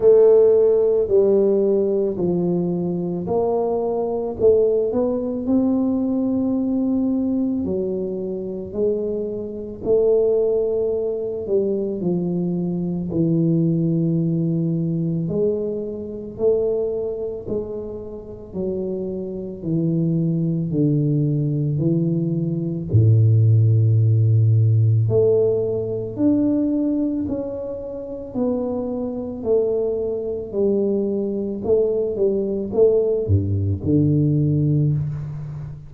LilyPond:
\new Staff \with { instrumentName = "tuba" } { \time 4/4 \tempo 4 = 55 a4 g4 f4 ais4 | a8 b8 c'2 fis4 | gis4 a4. g8 f4 | e2 gis4 a4 |
gis4 fis4 e4 d4 | e4 a,2 a4 | d'4 cis'4 b4 a4 | g4 a8 g8 a8 g,8 d4 | }